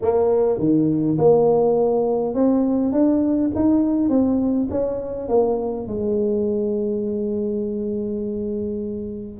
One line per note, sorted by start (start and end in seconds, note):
0.01 0.58 A#3
0.58 1.17 D#3
1.18 2.34 A#3
2.34 2.92 C4
2.92 3.51 D4
3.55 4.09 D#4
4.09 4.68 C4
4.70 5.28 C#4
5.28 5.87 A#3
5.87 9.40 G#3